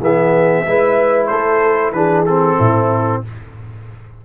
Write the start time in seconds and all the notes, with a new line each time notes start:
0.00 E3 B3 G#4 E5
0.66 G#3 E4 B4
1.27 A3 A4 C5
1.92 E3 D4 G#4 B4
2.26 C4 A4
2.59 A2 E4